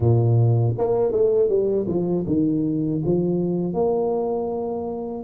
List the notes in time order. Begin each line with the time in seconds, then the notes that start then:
0.00 A#2
0.77 A#3
1.11 A3
1.49 G3
1.87 F3
2.27 D#3
3.05 F3
3.73 A#3